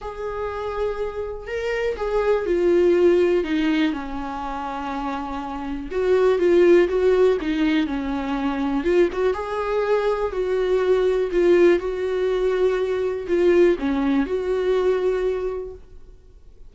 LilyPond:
\new Staff \with { instrumentName = "viola" } { \time 4/4 \tempo 4 = 122 gis'2. ais'4 | gis'4 f'2 dis'4 | cis'1 | fis'4 f'4 fis'4 dis'4 |
cis'2 f'8 fis'8 gis'4~ | gis'4 fis'2 f'4 | fis'2. f'4 | cis'4 fis'2. | }